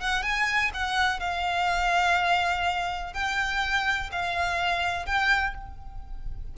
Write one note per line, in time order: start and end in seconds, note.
0.00 0.22 F#5
0.22 0.70 G#5
0.73 1.19 F#5
1.19 3.13 F5
3.13 4.10 G5
4.11 5.05 F5
5.05 5.54 G5